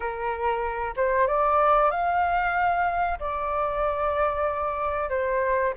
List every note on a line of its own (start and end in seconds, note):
0.00 0.94 A#4
0.96 1.27 C5
1.27 1.91 D5
1.91 3.18 F5
3.19 5.09 D5
5.09 5.73 C5